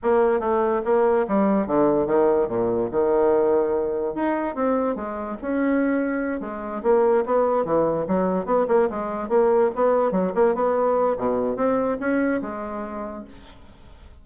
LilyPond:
\new Staff \with { instrumentName = "bassoon" } { \time 4/4 \tempo 4 = 145 ais4 a4 ais4 g4 | d4 dis4 ais,4 dis4~ | dis2 dis'4 c'4 | gis4 cis'2~ cis'8 gis8~ |
gis8 ais4 b4 e4 fis8~ | fis8 b8 ais8 gis4 ais4 b8~ | b8 fis8 ais8 b4. b,4 | c'4 cis'4 gis2 | }